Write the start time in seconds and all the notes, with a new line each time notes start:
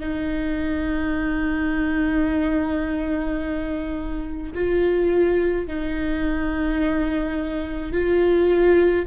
0.00 D#4
4.54 F4
5.67 D#4
7.92 F4